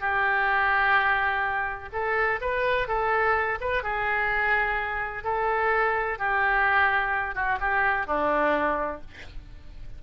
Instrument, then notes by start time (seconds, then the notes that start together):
oboe
0.00 G4
1.92 A4
2.41 B4
2.88 A4
3.61 B4
3.83 G#4
5.24 A4
6.18 G4
7.35 F#4
7.60 G4
8.06 D4